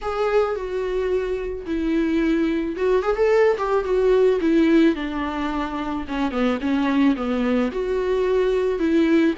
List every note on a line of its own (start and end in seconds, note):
0.01 0.55 G#4
0.55 1.65 F#4
1.65 2.75 E4
2.76 3.02 F#4
3.02 3.16 G#4
3.16 3.57 A4
3.57 3.84 G4
3.84 4.39 F#4
4.41 4.95 E4
4.95 6.05 D4
6.08 6.31 C#4
6.31 6.58 B3
6.60 7.15 C#4
7.16 7.71 B3
7.71 8.79 F#4
8.79 9.34 E4